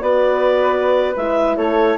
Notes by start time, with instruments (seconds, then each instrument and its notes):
0.00 bassoon B3, horn F#4, flute B4, clarinet D5
1.16 bassoon G#3, horn E4, clarinet E5
1.56 bassoon A3, flute A4, clarinet C#5